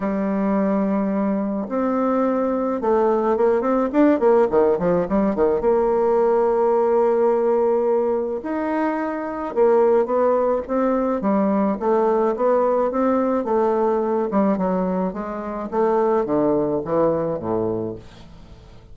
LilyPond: \new Staff \with { instrumentName = "bassoon" } { \time 4/4 \tempo 4 = 107 g2. c'4~ | c'4 a4 ais8 c'8 d'8 ais8 | dis8 f8 g8 dis8 ais2~ | ais2. dis'4~ |
dis'4 ais4 b4 c'4 | g4 a4 b4 c'4 | a4. g8 fis4 gis4 | a4 d4 e4 a,4 | }